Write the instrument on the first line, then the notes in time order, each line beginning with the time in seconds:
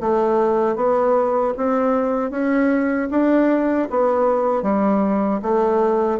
bassoon
0.00 A3
0.75 B3
1.57 C4
2.31 C#4
3.10 D4
3.90 B3
4.63 G3
5.42 A3